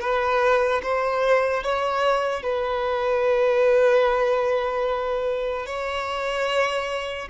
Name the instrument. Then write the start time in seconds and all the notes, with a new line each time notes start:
violin
0.00 B4
0.83 C5
1.63 C#5
2.43 B4
5.66 C#5